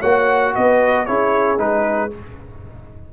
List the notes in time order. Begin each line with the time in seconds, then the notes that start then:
0.00 A#3 F#4 C#5 F#5
0.55 B3 B4 D#5
1.06 C#4 E4 G#4 C#5
1.58 G#3 D#4 B4